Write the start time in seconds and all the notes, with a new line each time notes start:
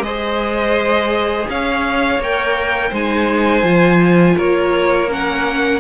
0.00 G#3 G#4 C5 D#5
1.49 C#4 C#5 F5
2.19 A#3 A#4 G5
2.90 G#3 D#4 C5 G#5
3.63 F3 F4
4.37 A#3 A#4 C#5
5.08 C#4 F#5